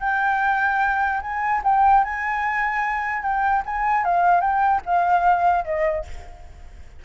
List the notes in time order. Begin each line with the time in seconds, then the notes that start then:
0.00 G5
1.21 G#5
1.64 G5
2.04 G#5
3.23 G5
3.66 G#5
4.04 F5
4.41 G5
4.85 F5
5.65 D#5